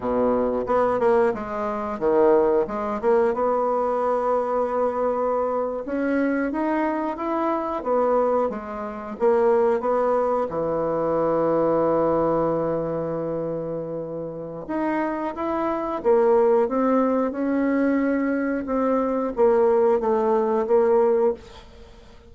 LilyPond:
\new Staff \with { instrumentName = "bassoon" } { \time 4/4 \tempo 4 = 90 b,4 b8 ais8 gis4 dis4 | gis8 ais8 b2.~ | b8. cis'4 dis'4 e'4 b16~ | b8. gis4 ais4 b4 e16~ |
e1~ | e2 dis'4 e'4 | ais4 c'4 cis'2 | c'4 ais4 a4 ais4 | }